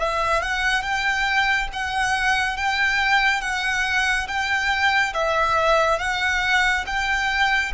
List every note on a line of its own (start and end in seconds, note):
0.00 0.42 E5
0.42 0.83 F#5
0.83 1.69 G5
1.73 2.57 F#5
2.57 3.42 G5
3.42 4.28 F#5
4.28 5.14 G5
5.14 5.99 E5
5.99 6.85 F#5
6.87 7.73 G5